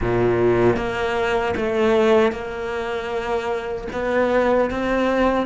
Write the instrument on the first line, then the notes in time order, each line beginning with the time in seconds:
cello
0.01 A#2
0.76 A#3
1.56 A3
2.32 A#3
3.92 B3
4.70 C4